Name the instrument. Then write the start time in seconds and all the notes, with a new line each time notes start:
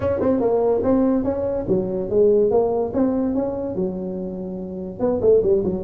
tuba
0.00 C#4
0.20 C4
0.40 A#3
0.83 C4
1.24 C#4
1.67 F#3
2.09 G#3
2.50 A#3
2.93 C4
3.34 C#4
3.75 F#3
4.99 B3
5.21 A3
5.43 G3
5.63 F#3